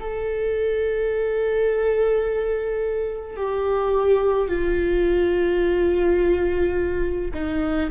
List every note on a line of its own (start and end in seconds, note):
0.00 3.37 A4
3.37 4.48 G4
4.48 7.31 F4
7.33 7.90 D#4